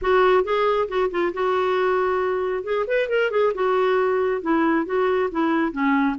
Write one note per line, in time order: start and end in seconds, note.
0.01 0.44 F#4
0.44 0.88 G#4
0.88 1.10 F#4
1.10 1.33 F4
1.33 2.63 F#4
2.63 2.85 G#4
2.87 3.08 B4
3.08 3.30 A#4
3.30 3.53 G#4
3.54 4.41 F#4
4.41 4.85 E4
4.85 5.29 F#4
5.31 5.71 E4
5.71 6.15 C#4